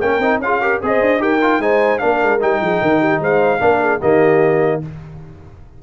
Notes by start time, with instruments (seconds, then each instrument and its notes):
0.00 tuba A#3, trombone C#4, horn A#4, trumpet G5
0.18 tuba C4, trombone D#4
0.38 tuba C#4, trombone F4, trumpet F5
0.45 horn G#4
0.61 trombone G4, horn A#4
0.82 tuba C4, trombone G#4, horn C5, trumpet D#5
1.01 tuba D4
1.18 tuba D#4, trombone G4, horn A#4, trumpet G5
1.41 trombone F4
1.59 tuba G#3, trombone D#4, horn C5, trumpet G#5
1.98 tuba A#3, trombone D4, horn A#4, trumpet F5
2.22 tuba G#3
2.40 tuba G3, trombone D#4, trumpet G5
2.61 tuba F3, horn G#4
2.81 tuba D#3, horn A#4
3.00 horn G4
3.20 tuba G#3, horn C5, trumpet F5
3.59 tuba A#3, trombone D4, horn A#4
3.81 horn G#4
4.00 tuba D#3, trombone A#3, horn G4, trumpet D#5